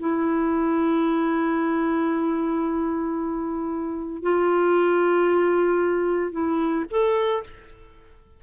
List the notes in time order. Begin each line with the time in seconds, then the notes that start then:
0.00 E4
4.23 F4
6.32 E4
6.91 A4